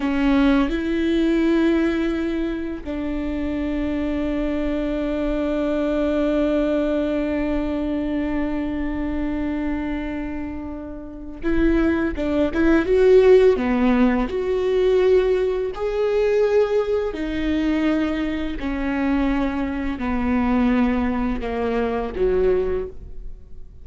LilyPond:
\new Staff \with { instrumentName = "viola" } { \time 4/4 \tempo 4 = 84 cis'4 e'2. | d'1~ | d'1~ | d'1 |
e'4 d'8 e'8 fis'4 b4 | fis'2 gis'2 | dis'2 cis'2 | b2 ais4 fis4 | }